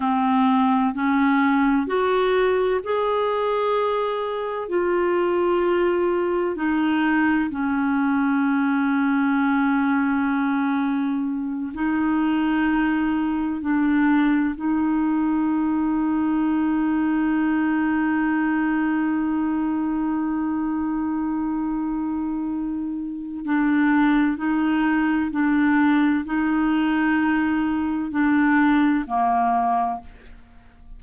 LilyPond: \new Staff \with { instrumentName = "clarinet" } { \time 4/4 \tempo 4 = 64 c'4 cis'4 fis'4 gis'4~ | gis'4 f'2 dis'4 | cis'1~ | cis'8 dis'2 d'4 dis'8~ |
dis'1~ | dis'1~ | dis'4 d'4 dis'4 d'4 | dis'2 d'4 ais4 | }